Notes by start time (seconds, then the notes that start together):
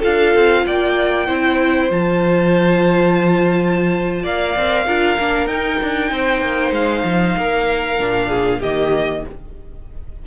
0.00 D4 F4 A4 F5
0.35 C4
0.67 A#3 D5 G5
1.27 C4 E4 C5
1.91 F3 F4 A5
4.23 A#3 D5 F5
4.56 C4 A#4
4.86 D4 F4 A#4
5.19 A#3 D4
5.46 D#4 G5
5.83 D4
6.12 C4 C5
6.42 A#3
6.72 G#3 F5
7.04 F3
7.38 A#3 A#4
8.00 A#2 D4
8.29 G#4
8.60 D#3 A#3 G4 D#5